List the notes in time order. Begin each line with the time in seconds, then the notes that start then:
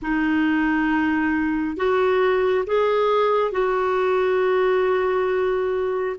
0.02 D#4
1.76 F#4
2.66 G#4
3.51 F#4